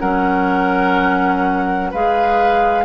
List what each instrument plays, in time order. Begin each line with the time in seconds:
0.00 bassoon F#3, clarinet C#4, oboe A#4, flute F#5
1.91 bassoon G#3, clarinet G#4, oboe B4, flute F5